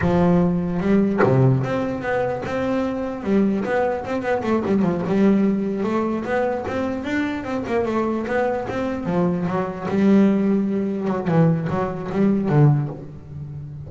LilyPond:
\new Staff \with { instrumentName = "double bass" } { \time 4/4 \tempo 4 = 149 f2 g4 c4 | c'4 b4 c'2 | g4 b4 c'8 b8 a8 g8 | f8 g2 a4 b8~ |
b8 c'4 d'4 c'8 ais8 a8~ | a8 b4 c'4 f4 fis8~ | fis8 g2. fis8 | e4 fis4 g4 d4 | }